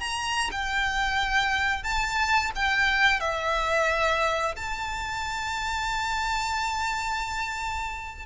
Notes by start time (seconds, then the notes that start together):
0.00 A#5
0.51 G5
1.84 A5
2.56 G5
3.20 E5
4.57 A5